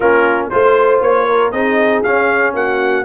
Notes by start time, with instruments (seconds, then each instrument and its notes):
0.00 tuba A#3, trombone C#4, horn F4, trumpet A#4
0.50 tuba A3, trombone F4, trumpet C5, horn C5
1.00 tuba A#3, trumpet C#5
1.27 horn A#4
1.51 tuba C4, trombone D#4, horn G#4, trumpet D#5
2.03 trombone C#4, tuba C#4, trumpet F5
2.53 tuba A#3, horn F#4, trumpet F#5